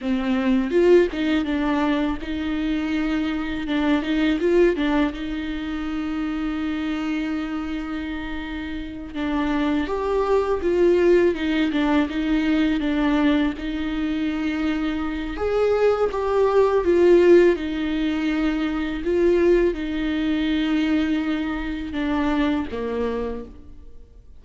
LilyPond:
\new Staff \with { instrumentName = "viola" } { \time 4/4 \tempo 4 = 82 c'4 f'8 dis'8 d'4 dis'4~ | dis'4 d'8 dis'8 f'8 d'8 dis'4~ | dis'1~ | dis'8 d'4 g'4 f'4 dis'8 |
d'8 dis'4 d'4 dis'4.~ | dis'4 gis'4 g'4 f'4 | dis'2 f'4 dis'4~ | dis'2 d'4 ais4 | }